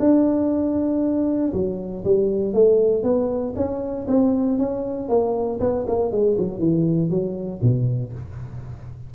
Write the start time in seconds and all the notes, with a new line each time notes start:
0.00 D4
1.54 F#3
2.05 G3
2.54 A3
3.03 B3
3.56 C#4
4.08 C4
4.59 C#4
5.09 A#3
5.60 B3
5.87 A#3
6.12 G#3
6.38 F#3
6.59 E3
7.10 F#3
7.62 B2